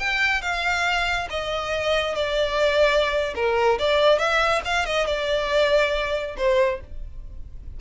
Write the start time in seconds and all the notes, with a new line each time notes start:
0.00 G5
0.42 F5
1.30 D#5
2.15 D5
3.36 A#4
3.79 D5
4.19 E5
4.65 F5
4.86 D#5
5.07 D5
6.37 C5